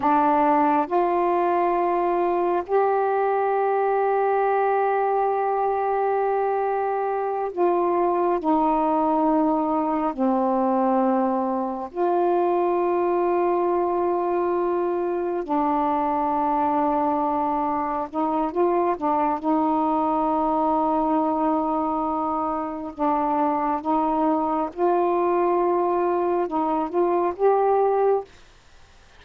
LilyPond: \new Staff \with { instrumentName = "saxophone" } { \time 4/4 \tempo 4 = 68 d'4 f'2 g'4~ | g'1~ | g'8 f'4 dis'2 c'8~ | c'4. f'2~ f'8~ |
f'4. d'2~ d'8~ | d'8 dis'8 f'8 d'8 dis'2~ | dis'2 d'4 dis'4 | f'2 dis'8 f'8 g'4 | }